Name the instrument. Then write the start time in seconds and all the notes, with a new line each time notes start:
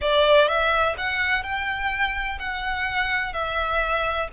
violin
0.01 D5
0.48 E5
0.97 F#5
1.43 G5
2.39 F#5
3.33 E5